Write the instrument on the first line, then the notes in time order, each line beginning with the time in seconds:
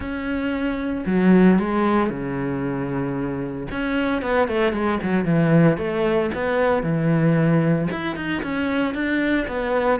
cello
0.00 C#4
1.06 F#3
1.58 G#3
2.09 C#3
3.71 C#4
4.22 B3
4.47 A3
4.72 G#3
5.03 F#3
5.25 E3
5.77 A3
6.34 B3
6.83 E3
7.91 E4
8.16 D#4
8.42 C#4
8.94 D4
9.47 B3